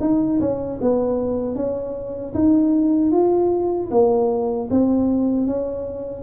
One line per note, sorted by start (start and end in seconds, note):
0.00 0.39 D#4
0.40 0.79 C#4
0.81 1.55 B3
1.55 2.33 C#4
2.34 3.11 D#4
3.11 3.89 F4
3.91 4.69 A#3
4.70 5.47 C4
5.47 6.22 C#4